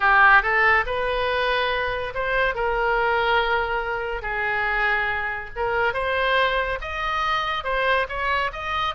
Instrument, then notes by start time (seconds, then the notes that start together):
oboe
0.00 G4
0.42 A4
0.86 B4
2.14 C5
2.54 A#4
4.22 G#4
5.56 A#4
5.93 C5
6.81 D#5
7.64 C5
8.08 C#5
8.52 D#5